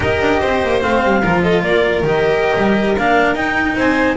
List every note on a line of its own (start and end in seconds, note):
0.00 0.18 D#4
0.00 0.81 G4
0.00 0.39 A#4
0.00 0.81 D#5
0.20 0.41 D4
0.39 0.62 C4
0.39 1.21 C5
0.62 0.83 A#3
0.81 1.03 A3
0.81 1.22 C4
0.81 1.42 F5
1.03 1.24 G3
1.21 1.63 F3
1.21 2.04 F4
1.21 1.42 A#4
1.42 1.63 A4
1.42 1.63 D#5
1.63 2.02 A#3
1.63 3.75 A#4
1.63 2.04 D5
2.02 2.53 D#3
2.02 2.96 G4
2.02 2.98 D#5
2.56 2.96 G3
2.96 3.34 A#3
2.96 3.35 D4
2.96 3.35 F5
3.34 3.75 D#4
3.34 4.16 D#4
3.34 3.76 G5
3.75 4.16 C4
3.75 4.16 C5
3.75 4.16 G#5